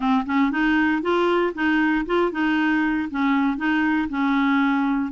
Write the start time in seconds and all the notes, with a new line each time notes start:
0.00 C4
0.25 C#4
0.51 D#4
1.02 F4
1.54 D#4
2.06 F4
2.31 D#4
3.10 C#4
3.57 D#4
4.09 C#4